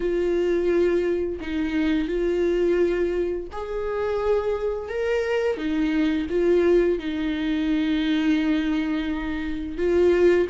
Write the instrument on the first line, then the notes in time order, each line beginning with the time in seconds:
viola
0.00 F4
1.40 D#4
2.08 F4
3.52 G#4
4.88 A#4
5.57 D#4
6.29 F4
6.98 D#4
9.77 F4